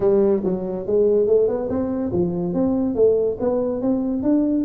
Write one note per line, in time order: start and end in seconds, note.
0.00 0.42 G3
0.44 0.86 F#3
0.86 1.26 G#3
1.26 1.48 A3
1.48 1.69 B3
1.69 2.11 C4
2.12 2.53 F3
2.53 2.95 C4
2.95 3.37 A3
3.39 3.81 B3
3.81 4.22 C4
4.22 4.64 D4